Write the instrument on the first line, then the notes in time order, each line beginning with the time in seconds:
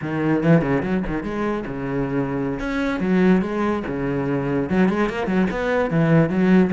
cello
0.01 D#3
0.43 E3
0.61 C#3
0.83 F#3
1.06 D#3
1.23 G#3
1.66 C#3
2.59 C#4
3.00 F#3
3.41 G#3
3.87 C#3
4.69 F#3
4.88 G#3
5.09 A#3
5.26 F#3
5.50 B3
5.90 E3
6.29 F#3